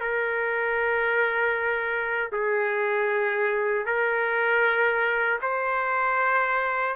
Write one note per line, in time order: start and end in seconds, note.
0.00 2.31 A#4
2.32 3.86 G#4
3.86 5.40 A#4
5.42 6.95 C5